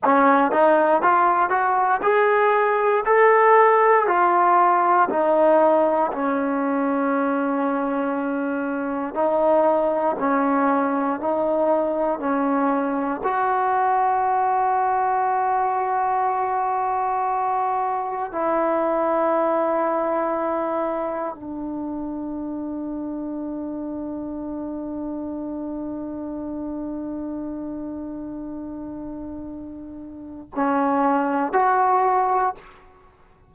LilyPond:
\new Staff \with { instrumentName = "trombone" } { \time 4/4 \tempo 4 = 59 cis'8 dis'8 f'8 fis'8 gis'4 a'4 | f'4 dis'4 cis'2~ | cis'4 dis'4 cis'4 dis'4 | cis'4 fis'2.~ |
fis'2 e'2~ | e'4 d'2.~ | d'1~ | d'2 cis'4 fis'4 | }